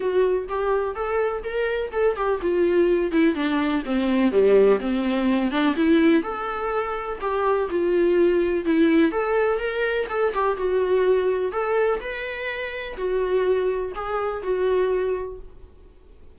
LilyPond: \new Staff \with { instrumentName = "viola" } { \time 4/4 \tempo 4 = 125 fis'4 g'4 a'4 ais'4 | a'8 g'8 f'4. e'8 d'4 | c'4 g4 c'4. d'8 | e'4 a'2 g'4 |
f'2 e'4 a'4 | ais'4 a'8 g'8 fis'2 | a'4 b'2 fis'4~ | fis'4 gis'4 fis'2 | }